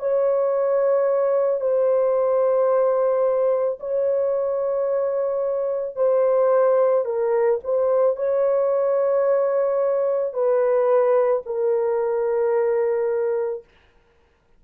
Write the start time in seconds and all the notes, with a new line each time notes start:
0.00 C#5
1.61 C5
3.80 C#5
5.96 C5
7.05 A#4
7.64 C5
8.17 C#5
10.33 B4
11.46 A#4